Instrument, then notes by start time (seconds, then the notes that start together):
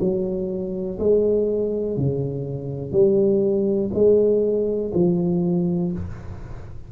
tuba
0.00 F#3
0.99 G#3
1.97 C#3
2.92 G3
3.94 G#3
4.94 F3